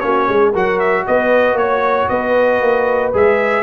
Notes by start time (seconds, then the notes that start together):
0.00 A#3 C#4 F#4 C#5
0.28 G#3 G#4
0.52 F#3 F#4 A#4 F#5
0.79 E5
1.07 B3 B4 D#5
1.53 A#3 C#5
1.61 C#5
2.09 B3 B4 D#5
2.61 A#3
3.13 G#3 G#4 E5